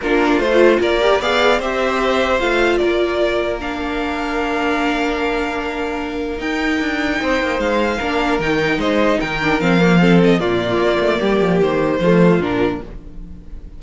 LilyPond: <<
  \new Staff \with { instrumentName = "violin" } { \time 4/4 \tempo 4 = 150 ais'4 c''4 d''4 f''4 | e''2 f''4 d''4~ | d''4 f''2.~ | f''1 |
g''2. f''4~ | f''4 g''4 dis''4 g''4 | f''4. dis''8 d''2~ | d''4 c''2 ais'4 | }
  \new Staff \with { instrumentName = "violin" } { \time 4/4 f'2 ais'4 d''4 | c''2. ais'4~ | ais'1~ | ais'1~ |
ais'2 c''2 | ais'2 c''4 ais'4~ | ais'4 a'4 f'2 | g'2 f'2 | }
  \new Staff \with { instrumentName = "viola" } { \time 4/4 d'4 f'4. g'8 gis'4 | g'2 f'2~ | f'4 d'2.~ | d'1 |
dis'1 | d'4 dis'2~ dis'8 d'8 | c'8 ais8 c'4 ais2~ | ais2 a4 d'4 | }
  \new Staff \with { instrumentName = "cello" } { \time 4/4 ais4 a4 ais4 b4 | c'2 a4 ais4~ | ais1~ | ais1 |
dis'4 d'4 c'8 ais8 gis4 | ais4 dis4 gis4 dis4 | f2 ais,4 ais8 a8 | g8 f8 dis4 f4 ais,4 | }
>>